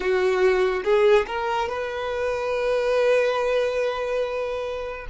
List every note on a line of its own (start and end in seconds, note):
0.00 0.83 F#4
0.83 1.26 G#4
1.26 1.69 A#4
1.69 5.07 B4